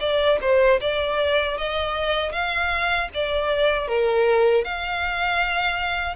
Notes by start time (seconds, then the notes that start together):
0.00 D5
0.41 C5
0.80 D5
1.57 D#5
2.31 F5
3.14 D5
3.87 A#4
4.64 F5